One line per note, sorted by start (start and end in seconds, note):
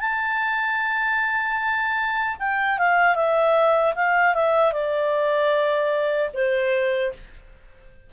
0.00 2.37 A5
2.39 2.78 G5
2.78 3.15 F5
3.15 3.94 E5
3.95 4.35 F5
4.35 4.72 E5
4.72 6.30 D5
6.33 7.12 C5